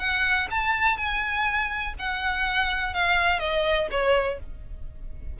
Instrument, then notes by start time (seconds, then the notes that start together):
violin
0.00 F#5
0.51 A5
0.97 G#5
1.99 F#5
2.94 F5
3.40 D#5
3.91 C#5